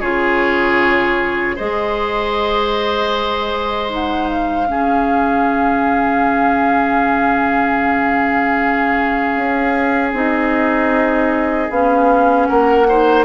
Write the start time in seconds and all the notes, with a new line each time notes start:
0.00 C#3 F4 G#4 C#5
1.55 G#3 G#4 C5 D#5
3.89 D#4 F#5
4.27 F5
4.67 C#3 C#4 G#4
9.36 C#4
10.13 C4 D#4 D#5
11.69 B3 C#4 F5
12.46 A#3 A#4 F#5
12.88 D#4 C5